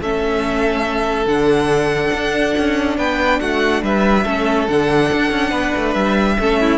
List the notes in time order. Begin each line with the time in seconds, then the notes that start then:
0.00 A3 C#4 A4 E5
1.26 D3 D4 F#5
2.13 D4
2.58 C#4
2.97 B3 B4 G5
3.40 A3 F#4 F#5
3.82 G3 B4 E5
4.24 A3 C#4 A4
4.68 D3 D4 F#5
5.12 D4
5.31 C#4
5.50 B3 B4
5.76 A3
5.93 G3 E5
6.39 A3 C#4 A4
6.61 E4